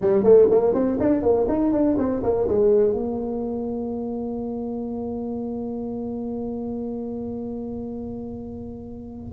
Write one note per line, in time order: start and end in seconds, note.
0.01 0.23 G3
0.23 0.48 A3
0.50 0.74 A#3
0.74 0.98 C4
1.00 1.22 D4
1.22 1.47 A#3
1.48 1.72 D#4
1.72 1.96 D4
1.97 2.22 C4
2.23 2.47 A#3
2.48 2.93 G#3
2.93 9.32 A#3